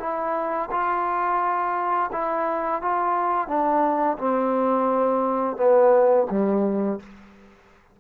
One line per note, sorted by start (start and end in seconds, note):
0.00 0.70 E4
0.71 2.11 F4
2.12 2.82 E4
2.82 3.48 F4
3.48 4.18 D4
4.18 5.57 C4
5.57 6.27 B3
6.30 7.00 G3